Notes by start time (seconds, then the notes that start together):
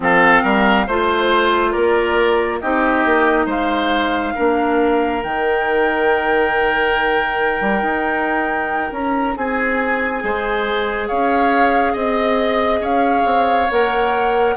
0.00 F3 C4 A4 F5
0.42 G3 A#4
0.86 A3 F4 C5
1.71 A#3 A#4 D5
2.60 C4 D#4 G4 D#5
3.05 A#3
3.45 G#3 C5 F5
4.35 A#3 D4 A#4
5.22 D#3 D#4 G5
7.60 G3
7.82 D#4
8.91 C#4 A#5
9.36 C4 G#4 G#5
10.20 G#3 G#4 C5
11.08 C#4 C#5 F5
11.92 C4 D#5
12.80 C#4 C#5 F5
13.25 C4
13.70 A#3 A#4 F#5